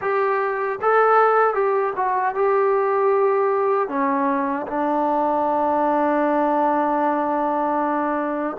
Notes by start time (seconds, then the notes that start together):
0.01 G4
0.81 A4
1.54 G4
1.96 F#4
2.34 G4
3.88 C#4
4.67 D4